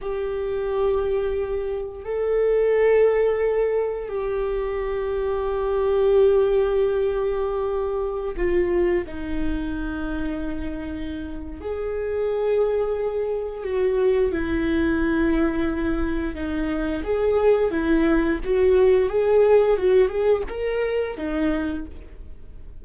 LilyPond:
\new Staff \with { instrumentName = "viola" } { \time 4/4 \tempo 4 = 88 g'2. a'4~ | a'2 g'2~ | g'1~ | g'16 f'4 dis'2~ dis'8.~ |
dis'4 gis'2. | fis'4 e'2. | dis'4 gis'4 e'4 fis'4 | gis'4 fis'8 gis'8 ais'4 dis'4 | }